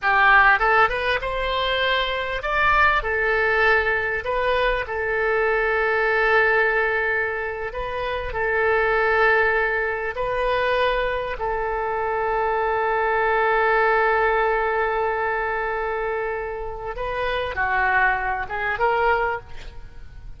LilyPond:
\new Staff \with { instrumentName = "oboe" } { \time 4/4 \tempo 4 = 99 g'4 a'8 b'8 c''2 | d''4 a'2 b'4 | a'1~ | a'8. b'4 a'2~ a'16~ |
a'8. b'2 a'4~ a'16~ | a'1~ | a'1 | b'4 fis'4. gis'8 ais'4 | }